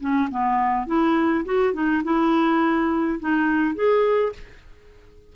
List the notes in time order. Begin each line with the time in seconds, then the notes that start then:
0.00 C#4
0.30 B3
0.87 E4
1.45 F#4
1.73 D#4
2.04 E4
3.19 D#4
3.74 G#4